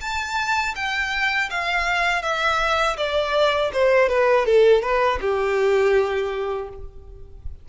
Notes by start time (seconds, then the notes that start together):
0.00 A5
0.75 G5
1.50 F5
2.22 E5
2.97 D5
3.72 C5
4.08 B4
4.45 A4
4.82 B4
5.21 G4